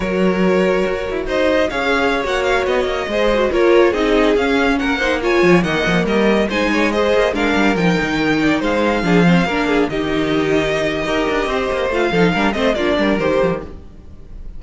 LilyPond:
<<
  \new Staff \with { instrumentName = "violin" } { \time 4/4 \tempo 4 = 141 cis''2. dis''4 | f''4~ f''16 fis''8 f''8 dis''4.~ dis''16~ | dis''16 cis''4 dis''4 f''4 fis''8.~ | fis''16 gis''4 fis''4 dis''4 gis''8.~ |
gis''16 dis''4 f''4 g''4.~ g''16~ | g''16 f''2. dis''8.~ | dis''1 | f''4. dis''8 d''4 c''4 | }
  \new Staff \with { instrumentName = "violin" } { \time 4/4 ais'2. c''4 | cis''2.~ cis''16 c''8.~ | c''16 ais'4 gis'2 ais'8 c''16~ | c''16 cis''4 dis''4 ais'4 c''8 cis''16~ |
cis''16 c''4 ais'2~ ais'8 d''16~ | d''16 c''4 gis'8 c''8 ais'8 gis'8 g'8.~ | g'2 ais'4 c''4~ | c''8 a'8 ais'8 c''8 f'8 ais'4. | }
  \new Staff \with { instrumentName = "viola" } { \time 4/4 fis'1 | gis'4~ gis'16 fis'2 gis'8 fis'16~ | fis'16 f'4 dis'4 cis'4. dis'16~ | dis'16 f'4 ais2 dis'8.~ |
dis'16 gis'4 d'4 dis'4.~ dis'16~ | dis'4~ dis'16 d'8 c'8 d'4 dis'8.~ | dis'2 g'2 | f'8 dis'8 d'8 c'8 d'4 g'4 | }
  \new Staff \with { instrumentName = "cello" } { \time 4/4 fis2 fis'8 e'8 dis'4 | cis'4~ cis'16 ais4 b8 ais8 gis8.~ | gis16 ais4 c'4 cis'4 ais8.~ | ais8. f8 dis8 f8 g4 gis8.~ |
gis8. ais8 gis8 g8 f8 dis4~ dis16~ | dis16 gis4 f4 ais4 dis8.~ | dis2 dis'8 d'8 c'8 ais8 | a8 f8 g8 a8 ais8 g8 dis8 f16 dis16 | }
>>